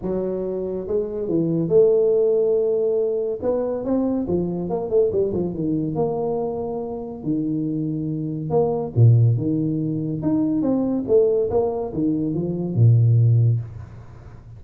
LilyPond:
\new Staff \with { instrumentName = "tuba" } { \time 4/4 \tempo 4 = 141 fis2 gis4 e4 | a1 | b4 c'4 f4 ais8 a8 | g8 f8 dis4 ais2~ |
ais4 dis2. | ais4 ais,4 dis2 | dis'4 c'4 a4 ais4 | dis4 f4 ais,2 | }